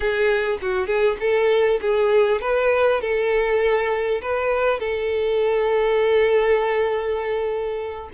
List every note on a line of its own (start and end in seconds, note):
0.00 0.58 G#4
0.61 0.86 F#4
0.86 1.16 G#4
1.20 1.80 A4
1.81 2.41 G#4
2.41 3.01 B4
3.01 4.21 A4
4.21 4.79 B4
4.79 8.09 A4